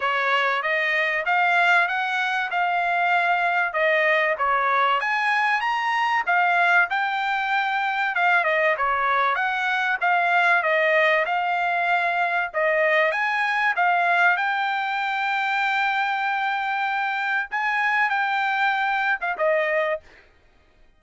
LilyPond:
\new Staff \with { instrumentName = "trumpet" } { \time 4/4 \tempo 4 = 96 cis''4 dis''4 f''4 fis''4 | f''2 dis''4 cis''4 | gis''4 ais''4 f''4 g''4~ | g''4 f''8 dis''8 cis''4 fis''4 |
f''4 dis''4 f''2 | dis''4 gis''4 f''4 g''4~ | g''1 | gis''4 g''4.~ g''16 f''16 dis''4 | }